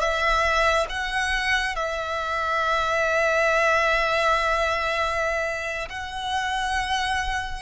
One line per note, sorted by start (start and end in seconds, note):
0.00 0.87 E5
0.90 1.76 F#5
1.76 5.89 E5
5.89 7.62 F#5